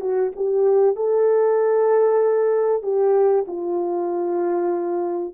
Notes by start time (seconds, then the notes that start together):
0.00 F#4
0.36 G4
0.95 A4
2.83 G4
3.47 F4